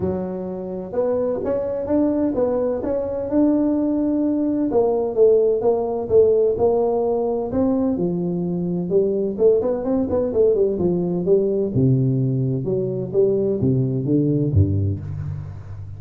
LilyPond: \new Staff \with { instrumentName = "tuba" } { \time 4/4 \tempo 4 = 128 fis2 b4 cis'4 | d'4 b4 cis'4 d'4~ | d'2 ais4 a4 | ais4 a4 ais2 |
c'4 f2 g4 | a8 b8 c'8 b8 a8 g8 f4 | g4 c2 fis4 | g4 c4 d4 g,4 | }